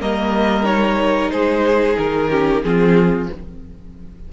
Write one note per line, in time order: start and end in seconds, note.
0.00 1.31 G3
0.00 0.64 A#3
0.00 1.31 A#4
0.00 0.65 D#5
0.64 2.28 D#4
0.64 1.30 C#5
1.30 1.97 G#3
1.30 2.30 G#4
1.30 1.96 C5
1.98 2.63 D#3
1.98 2.62 A#4
2.29 2.62 C#4
2.29 2.63 G4
2.62 3.29 F3
2.62 3.29 C4
2.62 3.32 F4
2.62 3.28 G#4